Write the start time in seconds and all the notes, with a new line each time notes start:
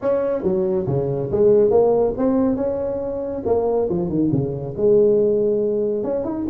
0.01 C#4
0.43 F#3
0.87 C#3
1.31 G#3
1.70 A#3
2.17 C4
2.56 C#4
3.45 A#3
3.89 F3
4.09 D#3
4.31 C#3
4.77 G#3
6.03 C#4
6.24 D#4